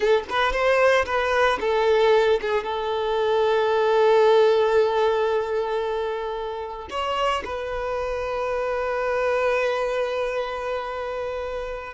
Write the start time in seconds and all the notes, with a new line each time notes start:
0.00 A4
0.29 B4
0.52 C5
1.05 B4
1.60 A4
2.41 G#4
2.63 A4
6.90 C#5
7.44 B4